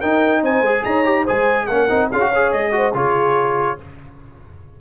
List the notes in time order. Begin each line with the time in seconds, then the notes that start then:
0.00 D#4 A#4 G5
0.42 C4 C5 G#5
0.61 G#3 G#4
0.84 D#4 C#5 A#5
1.04 G4
1.24 G#3 G#4 C5 G#5
1.66 A#3 C#4 A#4 F#5
1.89 C4 D#4
2.11 C#4 F4 G#4 F5
2.20 F#4
2.28 C#5
2.35 G#4
2.52 G#3 D#5
2.71 F#4 C5
2.94 C#3 F4 G#4 C#5